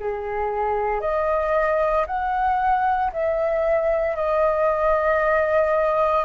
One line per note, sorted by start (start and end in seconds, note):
0.00 1.00 G#4
1.00 2.06 D#5
2.07 3.12 F#5
3.12 4.16 E5
4.16 6.24 D#5